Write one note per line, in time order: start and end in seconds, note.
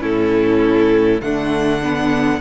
0.00 1.20 A2
0.00 1.20 C#4
0.00 1.21 E4
0.00 1.22 A4
1.21 2.40 D3
1.21 1.82 A3
1.21 2.40 D4
1.21 2.40 F#5
1.83 2.40 B3